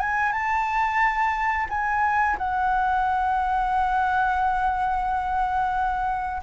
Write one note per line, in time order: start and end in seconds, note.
0.00 0.32 G#5
0.32 1.67 A5
1.69 2.37 G#5
2.38 6.42 F#5